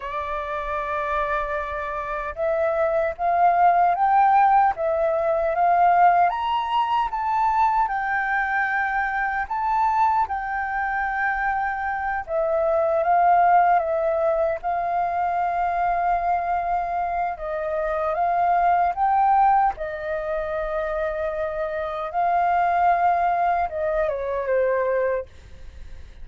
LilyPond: \new Staff \with { instrumentName = "flute" } { \time 4/4 \tempo 4 = 76 d''2. e''4 | f''4 g''4 e''4 f''4 | ais''4 a''4 g''2 | a''4 g''2~ g''8 e''8~ |
e''8 f''4 e''4 f''4.~ | f''2 dis''4 f''4 | g''4 dis''2. | f''2 dis''8 cis''8 c''4 | }